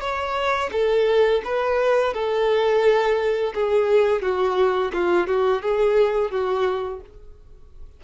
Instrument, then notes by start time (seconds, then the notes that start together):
violin
0.00 C#5
0.72 A4
1.44 B4
2.13 A4
3.54 G#4
4.21 F#4
4.93 F4
5.27 F#4
5.62 G#4
6.30 F#4